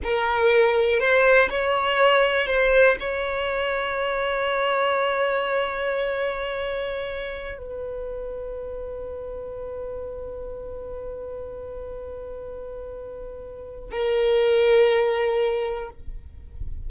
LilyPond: \new Staff \with { instrumentName = "violin" } { \time 4/4 \tempo 4 = 121 ais'2 c''4 cis''4~ | cis''4 c''4 cis''2~ | cis''1~ | cis''2.~ cis''16 b'8.~ |
b'1~ | b'1~ | b'1 | ais'1 | }